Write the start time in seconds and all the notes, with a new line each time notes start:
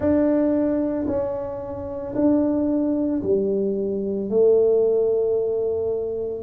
0.00 D4
1.07 C#4
2.15 D4
3.22 G3
4.30 A3